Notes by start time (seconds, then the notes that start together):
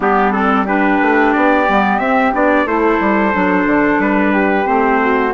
0.00 G3 B3 D4 G4
0.32 C4 A4
0.65 D4 G4 B4
1.01 A3
1.32 B3 D5
1.68 G3 B3
1.98 C4 E5
2.33 B3 D4 D5
2.65 A3 E4 A4 C5
3.00 G3
3.33 F#3 D4
3.66 D3
3.98 G3 B4
4.32 G4
4.64 A3 C4 C5
5.01 F#4